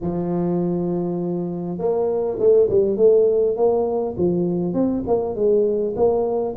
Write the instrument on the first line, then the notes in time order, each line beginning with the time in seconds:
tuba
0.01 F3
1.78 A#3
2.39 A3
2.69 G3
2.96 A3
3.56 A#3
4.17 F3
4.73 C4
5.07 A#3
5.35 G#3
5.95 A#3